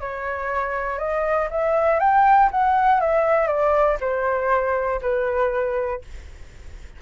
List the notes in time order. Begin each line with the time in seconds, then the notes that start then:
0.00 C#5
0.98 D#5
1.50 E5
1.99 G5
2.51 F#5
3.00 E5
3.47 D5
4.00 C5
5.01 B4